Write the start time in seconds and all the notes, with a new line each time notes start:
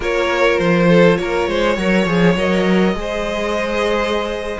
0.00 A#3 F4 A#4 C#5
0.58 F3 C5
0.87 A4
1.17 A#3 A#4 C#5
1.47 G#3 C5
1.76 F#3 A#4 C#5
2.06 F3 G#4
2.35 F#3 A#4 D#5
2.94 G#3 G#4 C5